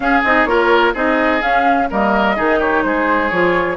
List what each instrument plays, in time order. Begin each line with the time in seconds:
0.00 bassoon C#4, clarinet C#4, oboe G#4, flute F5
0.24 bassoon C4, clarinet D#4, flute D#5
0.45 bassoon A#3, clarinet F4, oboe A#4, flute C#5
0.93 bassoon C4, clarinet D#4, oboe G#4, flute D#5
1.40 clarinet C#4, bassoon C#4, flute F5
1.90 bassoon G3, clarinet A#3, oboe A#4, flute D#5
2.36 bassoon D#3, clarinet D#4, oboe G#4
2.59 oboe G4, flute C#5
2.82 bassoon G#3, oboe G#4, flute C5
3.29 bassoon F3, clarinet F4, flute C#5